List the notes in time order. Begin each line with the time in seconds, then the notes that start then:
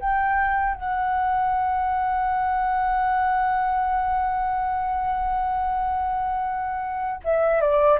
0.00 G5
0.75 F#5
7.24 E5
7.61 D5